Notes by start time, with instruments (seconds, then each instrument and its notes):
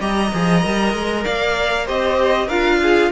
0.00 cello G3, viola G4, violin D#5 A#5
0.34 cello F3, viola G#4
0.62 cello G3, viola A#4
0.94 cello G#3
1.24 cello A#3, violin D5 F5
1.85 cello C4, viola G4, violin C5 D#5
2.47 cello D4, viola F4, violin A#4 F5
2.83 violin G#4